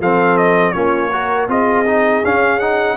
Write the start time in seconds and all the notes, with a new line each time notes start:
0.00 F3 C4 A4 F5
0.37 D#5
0.72 A#3 C#4 F4 C#5
1.12 F#4 A#4
1.48 C4 F4 G#4 D#5
1.86 D#4
2.25 C#4 F5
2.60 D#4 F#5